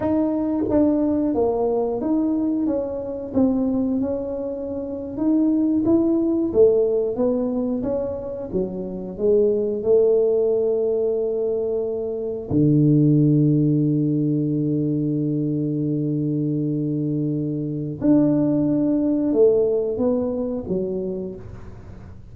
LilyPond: \new Staff \with { instrumentName = "tuba" } { \time 4/4 \tempo 4 = 90 dis'4 d'4 ais4 dis'4 | cis'4 c'4 cis'4.~ cis'16 dis'16~ | dis'8. e'4 a4 b4 cis'16~ | cis'8. fis4 gis4 a4~ a16~ |
a2~ a8. d4~ d16~ | d1~ | d2. d'4~ | d'4 a4 b4 fis4 | }